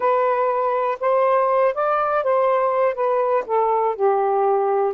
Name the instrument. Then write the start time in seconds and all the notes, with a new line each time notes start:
saxophone
0.00 B4
1.00 C5
1.74 D5
2.23 C5
2.94 B4
3.46 A4
3.95 G4